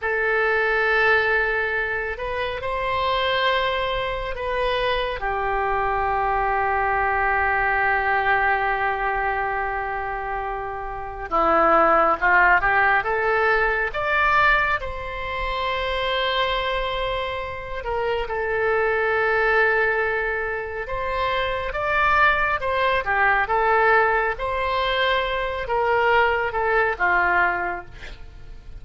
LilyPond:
\new Staff \with { instrumentName = "oboe" } { \time 4/4 \tempo 4 = 69 a'2~ a'8 b'8 c''4~ | c''4 b'4 g'2~ | g'1~ | g'4 e'4 f'8 g'8 a'4 |
d''4 c''2.~ | c''8 ais'8 a'2. | c''4 d''4 c''8 g'8 a'4 | c''4. ais'4 a'8 f'4 | }